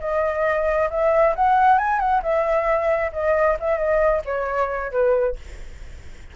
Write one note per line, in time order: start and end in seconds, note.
0.00 0.89 D#5
0.90 1.34 E5
1.35 1.78 F#5
1.78 1.99 G#5
1.99 2.21 F#5
2.22 3.11 E5
3.12 3.57 D#5
3.59 3.77 E5
3.77 4.22 D#5
4.25 4.91 C#5
4.91 5.36 B4